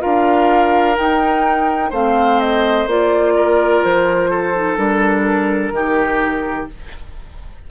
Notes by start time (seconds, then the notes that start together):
0.00 D4 F4 A#4 F5
0.96 D#4 G5
1.90 A3 C4 C5 F5
2.40 D#5
2.87 A#3 F4 D5
3.36 A#4
3.85 F3 C5
4.31 A4
4.55 D#4
4.77 G3 D4 A#4
5.71 D#3 D#4 G4